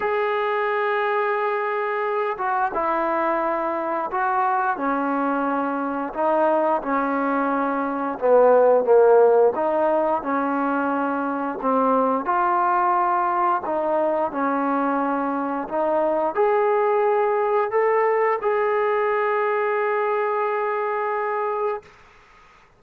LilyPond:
\new Staff \with { instrumentName = "trombone" } { \time 4/4 \tempo 4 = 88 gis'2.~ gis'8 fis'8 | e'2 fis'4 cis'4~ | cis'4 dis'4 cis'2 | b4 ais4 dis'4 cis'4~ |
cis'4 c'4 f'2 | dis'4 cis'2 dis'4 | gis'2 a'4 gis'4~ | gis'1 | }